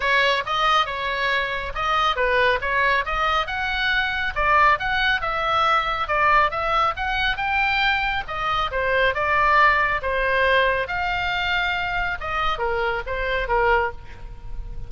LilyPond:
\new Staff \with { instrumentName = "oboe" } { \time 4/4 \tempo 4 = 138 cis''4 dis''4 cis''2 | dis''4 b'4 cis''4 dis''4 | fis''2 d''4 fis''4 | e''2 d''4 e''4 |
fis''4 g''2 dis''4 | c''4 d''2 c''4~ | c''4 f''2. | dis''4 ais'4 c''4 ais'4 | }